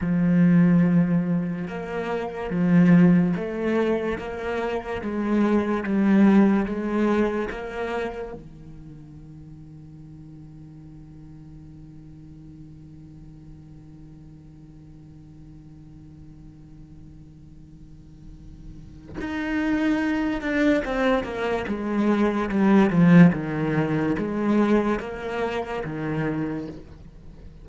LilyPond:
\new Staff \with { instrumentName = "cello" } { \time 4/4 \tempo 4 = 72 f2 ais4 f4 | a4 ais4 gis4 g4 | gis4 ais4 dis2~ | dis1~ |
dis1~ | dis2. dis'4~ | dis'8 d'8 c'8 ais8 gis4 g8 f8 | dis4 gis4 ais4 dis4 | }